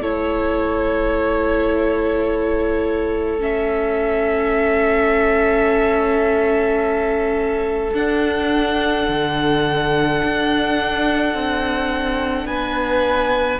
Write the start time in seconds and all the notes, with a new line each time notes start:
0.00 A3 E4 A4 C#5
3.39 C#4 E5
7.93 D4 F#5
9.08 D3
10.23 D4
11.34 C4
12.45 B3 B4 G#5